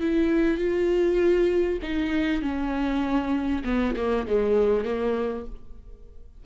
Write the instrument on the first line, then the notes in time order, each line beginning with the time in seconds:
viola
0.00 E4
0.58 F4
1.82 D#4
2.41 C#4
3.64 B3
3.96 A#3
4.27 G#3
4.84 A#3